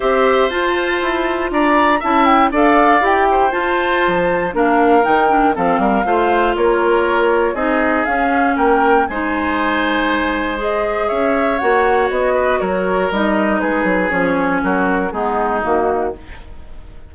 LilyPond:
<<
  \new Staff \with { instrumentName = "flute" } { \time 4/4 \tempo 4 = 119 e''4 a''2 ais''4 | a''8 g''8 f''4 g''4 a''4~ | a''4 f''4 g''4 f''4~ | f''4 cis''2 dis''4 |
f''4 g''4 gis''2~ | gis''4 dis''4 e''4 fis''4 | dis''4 cis''4 dis''4 b'4 | cis''4 ais'4 gis'4 fis'4 | }
  \new Staff \with { instrumentName = "oboe" } { \time 4/4 c''2. d''4 | e''4 d''4. c''4.~ | c''4 ais'2 a'8 ais'8 | c''4 ais'2 gis'4~ |
gis'4 ais'4 c''2~ | c''2 cis''2~ | cis''8 b'8 ais'2 gis'4~ | gis'4 fis'4 dis'2 | }
  \new Staff \with { instrumentName = "clarinet" } { \time 4/4 g'4 f'2. | e'4 a'4 g'4 f'4~ | f'4 d'4 dis'8 d'8 c'4 | f'2. dis'4 |
cis'2 dis'2~ | dis'4 gis'2 fis'4~ | fis'2 dis'2 | cis'2 b4 ais4 | }
  \new Staff \with { instrumentName = "bassoon" } { \time 4/4 c'4 f'4 e'4 d'4 | cis'4 d'4 e'4 f'4 | f4 ais4 dis4 f8 g8 | a4 ais2 c'4 |
cis'4 ais4 gis2~ | gis2 cis'4 ais4 | b4 fis4 g4 gis8 fis8 | f4 fis4 gis4 dis4 | }
>>